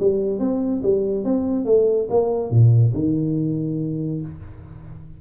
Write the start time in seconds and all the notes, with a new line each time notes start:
0.00 G3
0.39 C4
0.83 G3
1.25 C4
1.66 A3
2.10 A#3
2.50 A#2
2.94 D#3